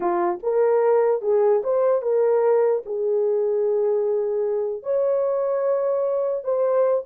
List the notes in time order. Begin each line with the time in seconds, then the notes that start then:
0.00 F4
0.42 A#4
1.21 G#4
1.63 C5
2.02 A#4
2.85 G#4
4.82 C#5
6.43 C5